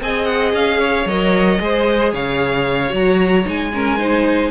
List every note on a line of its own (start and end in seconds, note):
0.00 0.53 C4
0.00 1.08 G#4
0.00 0.79 D#5
0.00 0.25 G#5
0.25 0.51 F#5
0.53 1.05 C#4
0.53 1.07 F5
0.79 1.59 C#5
1.05 1.59 F#3
1.05 1.60 A#4
1.05 2.13 D#5
1.60 2.12 G#3
1.60 2.89 G#4
1.60 2.12 C5
2.12 2.92 C#3
2.12 3.71 C#5
2.12 2.93 F5
2.89 3.45 F#3
2.89 3.42 F#4
2.89 3.48 A#5
3.44 4.51 G#3
3.44 3.71 D#4
3.44 4.51 G#5
3.73 3.98 C#4
3.73 3.98 A#4
3.98 4.51 D#4
3.98 4.51 C5